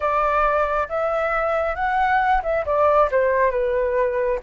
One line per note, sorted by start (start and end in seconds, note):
0.00 0.87 D5
0.88 1.75 E5
1.75 2.41 F#5
2.42 2.64 E5
2.65 3.09 D5
3.11 3.51 C5
3.51 4.39 B4